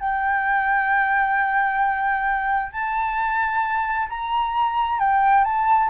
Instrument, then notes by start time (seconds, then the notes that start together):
flute
0.00 G5
2.73 A5
4.10 A#5
5.00 G5
5.45 A5